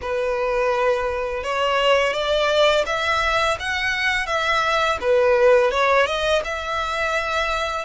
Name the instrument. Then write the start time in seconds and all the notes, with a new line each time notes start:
violin
0.01 B4
1.43 C#5
2.13 D5
2.86 E5
3.59 F#5
4.26 E5
5.00 B4
5.71 C#5
6.06 D#5
6.44 E5